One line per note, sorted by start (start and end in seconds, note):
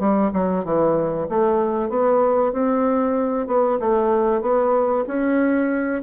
0.00 0.32 G3
0.33 0.65 F#3
0.65 1.28 E3
1.29 1.90 A3
1.90 2.53 B3
2.53 3.47 C4
3.47 3.79 B3
3.80 4.42 A3
4.42 5.05 B3
5.08 6.03 C#4